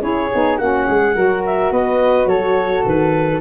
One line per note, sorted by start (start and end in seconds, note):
0.00 0.29 C#4
0.00 0.28 E4
0.00 0.57 G#4
0.00 0.57 C#5
0.32 0.59 B3
0.32 0.59 D#4
0.57 0.87 A#3
0.57 1.14 C#4
0.57 0.85 F#4
0.57 1.42 F#5
0.86 1.15 G#3
0.86 1.14 G#4
1.14 1.71 F#3
1.14 3.40 F#4
1.14 1.71 A#4
1.45 1.72 E5
1.71 2.25 B3
1.71 2.28 B4
1.71 2.27 D#5
2.25 2.82 F#3
2.25 3.40 A4
2.25 2.83 C#5
2.85 3.40 D#3
2.85 3.40 B4